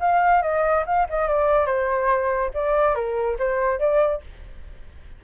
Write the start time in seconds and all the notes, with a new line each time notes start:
0.00 F5
0.42 D#5
0.86 F5
1.10 D#5
1.28 D5
1.66 C5
2.54 D5
2.95 A#4
3.39 C5
3.79 D5